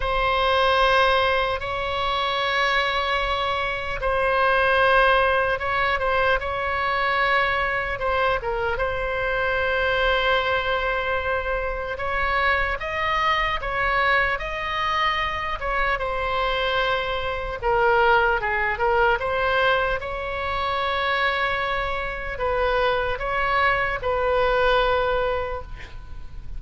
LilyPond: \new Staff \with { instrumentName = "oboe" } { \time 4/4 \tempo 4 = 75 c''2 cis''2~ | cis''4 c''2 cis''8 c''8 | cis''2 c''8 ais'8 c''4~ | c''2. cis''4 |
dis''4 cis''4 dis''4. cis''8 | c''2 ais'4 gis'8 ais'8 | c''4 cis''2. | b'4 cis''4 b'2 | }